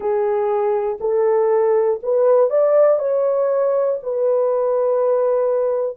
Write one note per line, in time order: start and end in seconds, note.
0.00 0.98 G#4
1.00 2.00 A4
2.03 2.50 B4
2.50 2.99 D5
2.99 3.99 C#5
4.03 5.96 B4